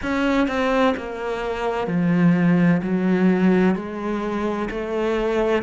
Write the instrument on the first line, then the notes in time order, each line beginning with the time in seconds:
cello
0.02 C#4
0.47 C4
0.96 A#3
1.87 F3
2.82 F#3
3.75 G#3
4.70 A3